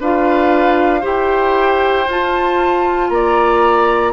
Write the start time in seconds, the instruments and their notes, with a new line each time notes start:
0.00 bassoon D4, clarinet F4, oboe B4, flute F5
1.01 bassoon E4, clarinet G4, oboe C5, flute G5
2.08 bassoon F4, clarinet F4, flute A5
3.09 bassoon A#3, oboe D5, flute A#5